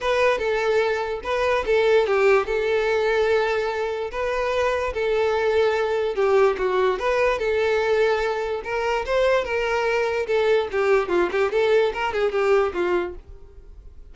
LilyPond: \new Staff \with { instrumentName = "violin" } { \time 4/4 \tempo 4 = 146 b'4 a'2 b'4 | a'4 g'4 a'2~ | a'2 b'2 | a'2. g'4 |
fis'4 b'4 a'2~ | a'4 ais'4 c''4 ais'4~ | ais'4 a'4 g'4 f'8 g'8 | a'4 ais'8 gis'8 g'4 f'4 | }